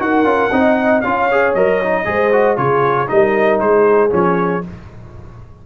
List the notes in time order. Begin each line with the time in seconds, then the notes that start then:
0.00 D#4 F#4 A#4 F#5
0.24 C#4 F4
0.52 C4 D#4 D#5
1.02 C#4 F4 C#5 F5
1.32 G#4
1.55 F#3 A#4 D#5
1.84 D#4
2.05 G#3 G#4 C5
2.33 F#4
2.57 C#3 F4 G#4 C#5
3.08 G3 D#4 A#4 D#5
3.60 G#3 G#4 C5
4.10 F3 C#4 C#5